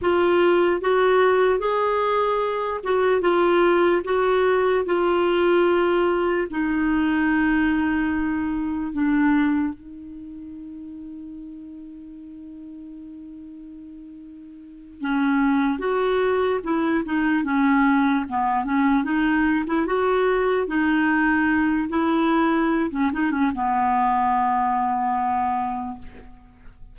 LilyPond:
\new Staff \with { instrumentName = "clarinet" } { \time 4/4 \tempo 4 = 74 f'4 fis'4 gis'4. fis'8 | f'4 fis'4 f'2 | dis'2. d'4 | dis'1~ |
dis'2~ dis'8 cis'4 fis'8~ | fis'8 e'8 dis'8 cis'4 b8 cis'8 dis'8~ | dis'16 e'16 fis'4 dis'4. e'4~ | e'16 cis'16 dis'16 cis'16 b2. | }